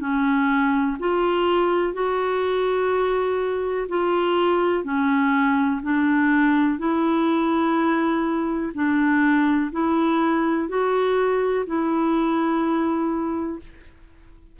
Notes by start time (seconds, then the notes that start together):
0.00 C#4
0.99 F4
1.93 F#4
3.88 F4
4.84 C#4
5.83 D4
6.79 E4
8.74 D4
9.72 E4
10.68 F#4
11.66 E4